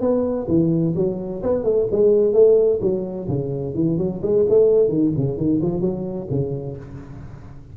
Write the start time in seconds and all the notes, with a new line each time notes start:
0.00 B3
0.47 E3
0.95 F#3
1.42 B3
1.63 A3
1.90 G#3
2.33 A3
2.81 F#3
3.28 C#3
3.74 E3
3.97 F#3
4.22 G#3
4.49 A3
4.88 D#3
5.16 C#3
5.37 D#3
5.62 F3
5.81 F#3
6.30 C#3